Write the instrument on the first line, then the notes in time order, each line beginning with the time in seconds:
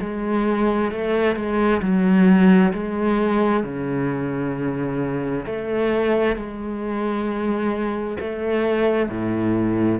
cello
0.00 G#3
0.91 A3
1.36 G#3
1.81 F#3
2.72 G#3
3.63 C#3
5.45 A3
6.36 G#3
8.19 A3
9.09 A2